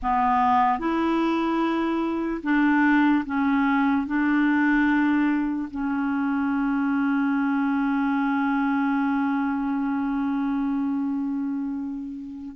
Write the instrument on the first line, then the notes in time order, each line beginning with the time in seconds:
clarinet
0.02 B3
0.79 E4
2.43 D4
3.25 C#4
4.07 D4
5.71 C#4